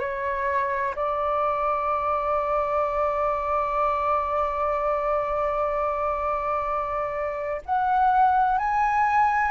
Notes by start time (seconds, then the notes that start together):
0.00 C#5
0.96 D5
7.66 F#5
8.59 G#5